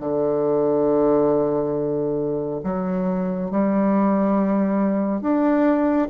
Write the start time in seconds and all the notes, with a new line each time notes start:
0.00 D3
2.64 F#3
3.51 G3
5.21 D4